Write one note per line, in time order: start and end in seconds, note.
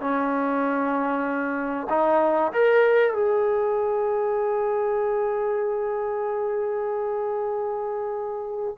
0.00 1.88 C#4
1.89 2.52 D#4
2.52 3.14 A#4
3.14 8.76 G#4